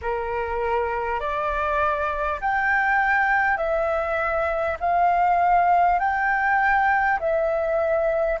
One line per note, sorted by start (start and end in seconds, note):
0.01 1.19 A#4
1.19 2.39 D5
2.41 3.57 G5
3.57 4.77 E5
4.80 5.99 F5
5.99 7.19 G5
7.19 8.39 E5